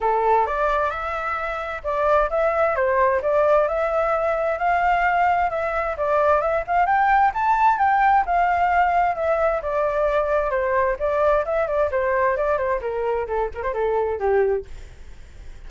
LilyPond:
\new Staff \with { instrumentName = "flute" } { \time 4/4 \tempo 4 = 131 a'4 d''4 e''2 | d''4 e''4 c''4 d''4 | e''2 f''2 | e''4 d''4 e''8 f''8 g''4 |
a''4 g''4 f''2 | e''4 d''2 c''4 | d''4 e''8 d''8 c''4 d''8 c''8 | ais'4 a'8 ais'16 c''16 a'4 g'4 | }